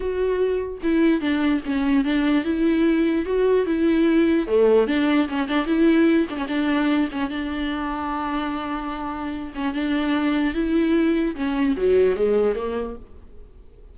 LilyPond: \new Staff \with { instrumentName = "viola" } { \time 4/4 \tempo 4 = 148 fis'2 e'4 d'4 | cis'4 d'4 e'2 | fis'4 e'2 a4 | d'4 cis'8 d'8 e'4. d'16 cis'16 |
d'4. cis'8 d'2~ | d'2.~ d'8 cis'8 | d'2 e'2 | cis'4 fis4 gis4 ais4 | }